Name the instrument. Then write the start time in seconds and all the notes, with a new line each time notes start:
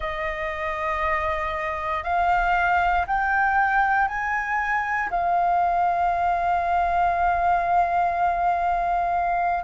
flute
0.00 D#5
2.03 F5
3.06 G5
4.08 G#5
5.10 F5